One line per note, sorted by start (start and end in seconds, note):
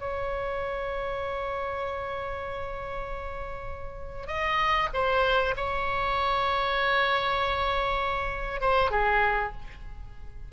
0.00 4.28 C#5
4.28 4.89 D#5
4.94 5.55 C5
5.57 8.61 C#5
8.61 8.91 C5
8.91 9.53 G#4